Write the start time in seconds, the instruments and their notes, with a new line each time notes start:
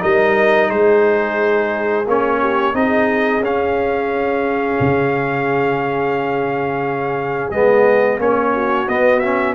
0.00 tuba G3, trombone D#4, horn A#4, trumpet D#5
0.69 tuba G#3, horn G#4, trumpet C5
2.07 tuba A#3, trombone C#4, trumpet C#5
2.40 horn G4
2.74 tuba C4, trombone D#4, horn G#4, trumpet D#5
3.40 tuba C#4, trombone C#4, trumpet F5
4.80 tuba C#3
7.51 tuba G#3, trombone B3, trumpet D#5
8.18 tuba A#3, trombone C#4, trumpet C#5
8.53 horn F#4
8.88 trombone B3, tuba B3, trumpet D#5
9.20 trombone C#4, trumpet E5